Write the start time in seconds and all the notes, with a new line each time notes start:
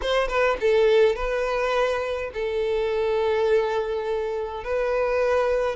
0.01 C5
0.28 B4
0.60 A4
1.15 B4
2.33 A4
4.64 B4